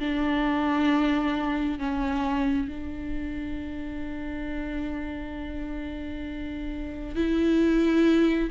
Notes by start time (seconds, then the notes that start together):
0.00 D4
1.79 C#4
2.68 D4
7.16 E4